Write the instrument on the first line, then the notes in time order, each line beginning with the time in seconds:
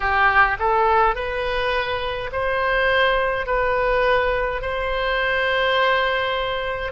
oboe
0.00 G4
0.59 A4
1.15 B4
2.31 C5
3.46 B4
4.61 C5